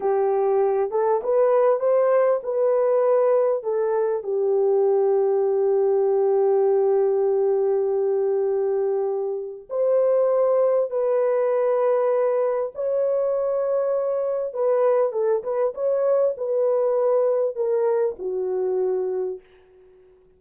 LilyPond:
\new Staff \with { instrumentName = "horn" } { \time 4/4 \tempo 4 = 99 g'4. a'8 b'4 c''4 | b'2 a'4 g'4~ | g'1~ | g'1 |
c''2 b'2~ | b'4 cis''2. | b'4 a'8 b'8 cis''4 b'4~ | b'4 ais'4 fis'2 | }